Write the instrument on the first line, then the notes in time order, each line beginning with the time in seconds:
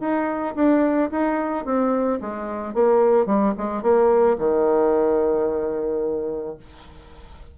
bassoon
0.00 D#4
0.55 D4
1.11 D#4
1.65 C4
2.21 G#3
2.74 A#3
3.26 G3
3.58 G#3
3.82 A#3
4.38 D#3